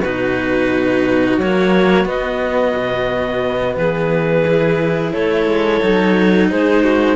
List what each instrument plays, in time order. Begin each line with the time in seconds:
0.00 cello B2 D#4, violin F#4, clarinet B4
1.38 cello F#3 A#3, clarinet C#5
2.05 cello B3, clarinet D#5
2.76 cello B2
3.75 cello E3, violin G#4, clarinet B4
4.47 cello E4
5.13 cello A3, violin A4, clarinet C#5
5.46 cello G#3
5.82 cello F#3 D#4
6.50 cello G#3, violin G#4, clarinet C5
6.83 violin F#4